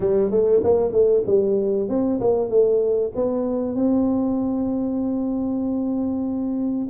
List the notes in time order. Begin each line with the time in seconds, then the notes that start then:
0.00 G3
0.30 A3
0.63 A#3
0.91 A3
1.26 G3
1.89 C4
2.20 A#3
2.49 A3
3.15 B3
3.75 C4